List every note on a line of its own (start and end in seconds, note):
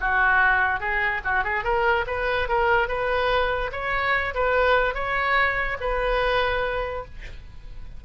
0.00 0.79 F#4
0.79 1.21 G#4
1.24 1.44 F#4
1.44 1.63 G#4
1.63 2.05 A#4
2.07 2.48 B4
2.48 2.88 A#4
2.88 3.70 B4
3.72 4.34 C#5
4.34 4.94 B4
4.94 5.77 C#5
5.80 7.04 B4